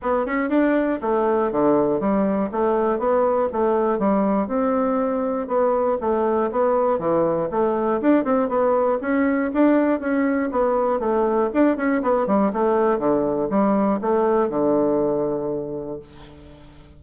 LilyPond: \new Staff \with { instrumentName = "bassoon" } { \time 4/4 \tempo 4 = 120 b8 cis'8 d'4 a4 d4 | g4 a4 b4 a4 | g4 c'2 b4 | a4 b4 e4 a4 |
d'8 c'8 b4 cis'4 d'4 | cis'4 b4 a4 d'8 cis'8 | b8 g8 a4 d4 g4 | a4 d2. | }